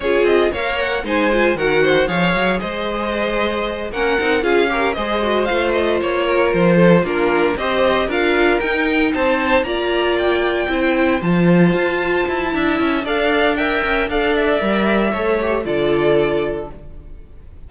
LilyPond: <<
  \new Staff \with { instrumentName = "violin" } { \time 4/4 \tempo 4 = 115 cis''8 dis''8 f''8 fis''8 gis''4 fis''4 | f''4 dis''2~ dis''8 fis''8~ | fis''8 f''4 dis''4 f''8 dis''8 cis''8~ | cis''8 c''4 ais'4 dis''4 f''8~ |
f''8 g''4 a''4 ais''4 g''8~ | g''4. a''2~ a''8~ | a''4 f''4 g''4 f''8 e''8~ | e''2 d''2 | }
  \new Staff \with { instrumentName = "violin" } { \time 4/4 gis'4 cis''4 c''4 ais'8 c''8 | cis''4 c''2~ c''8 ais'8~ | ais'8 gis'8 ais'8 c''2~ c''8 | ais'4 a'8 f'4 c''4 ais'8~ |
ais'4. c''4 d''4.~ | d''8 c''2.~ c''8 | e''4 d''4 e''4 d''4~ | d''4 cis''4 a'2 | }
  \new Staff \with { instrumentName = "viola" } { \time 4/4 f'4 ais'4 dis'8 f'8 fis'4 | gis'2.~ gis'8 cis'8 | dis'8 f'8 g'8 gis'8 fis'8 f'4.~ | f'4. d'4 g'4 f'8~ |
f'8 dis'2 f'4.~ | f'8 e'4 f'2~ f'8 | e'4 a'4 ais'4 a'4 | ais'4 a'8 g'8 f'2 | }
  \new Staff \with { instrumentName = "cello" } { \time 4/4 cis'8 c'8 ais4 gis4 dis4 | f8 fis8 gis2~ gis8 ais8 | c'8 cis'4 gis4 a4 ais8~ | ais8 f4 ais4 c'4 d'8~ |
d'8 dis'4 c'4 ais4.~ | ais8 c'4 f4 f'4 e'8 | d'8 cis'8 d'4. cis'8 d'4 | g4 a4 d2 | }
>>